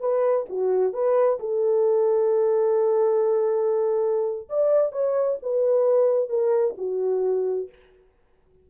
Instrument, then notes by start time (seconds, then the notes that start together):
horn
0.00 B4
0.49 F#4
0.93 B4
1.39 A4
4.49 D5
4.92 C#5
5.42 B4
6.29 A#4
6.78 F#4